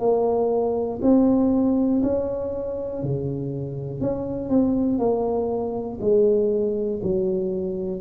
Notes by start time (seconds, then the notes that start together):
0.00 A#3
1.02 C4
2.03 C#4
3.03 C#3
4.01 C#4
4.50 C4
4.99 A#3
6.01 G#3
7.03 F#3